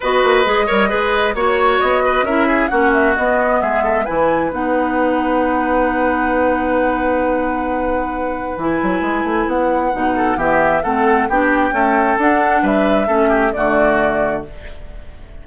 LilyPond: <<
  \new Staff \with { instrumentName = "flute" } { \time 4/4 \tempo 4 = 133 dis''2. cis''4 | dis''4 e''4 fis''8 e''8 dis''4 | e''4 gis''4 fis''2~ | fis''1~ |
fis''2. gis''4~ | gis''4 fis''2 e''4 | fis''4 g''2 fis''4 | e''2 d''2 | }
  \new Staff \with { instrumentName = "oboe" } { \time 4/4 b'4. cis''8 b'4 cis''4~ | cis''8 b'8 ais'8 gis'8 fis'2 | gis'8 a'8 b'2.~ | b'1~ |
b'1~ | b'2~ b'8 a'8 g'4 | a'4 g'4 a'2 | b'4 a'8 g'8 fis'2 | }
  \new Staff \with { instrumentName = "clarinet" } { \time 4/4 fis'4 gis'8 ais'8 gis'4 fis'4~ | fis'4 e'4 cis'4 b4~ | b4 e'4 dis'2~ | dis'1~ |
dis'2. e'4~ | e'2 dis'4 b4 | c'4 d'4 a4 d'4~ | d'4 cis'4 a2 | }
  \new Staff \with { instrumentName = "bassoon" } { \time 4/4 b8 ais8 gis8 g8 gis4 ais4 | b4 cis'4 ais4 b4 | gis4 e4 b2~ | b1~ |
b2. e8 fis8 | gis8 a8 b4 b,4 e4 | a4 b4 cis'4 d'4 | g4 a4 d2 | }
>>